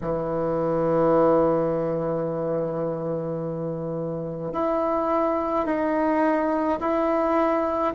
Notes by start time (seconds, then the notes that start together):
0.01 E3
4.52 E4
5.65 D#4
6.80 E4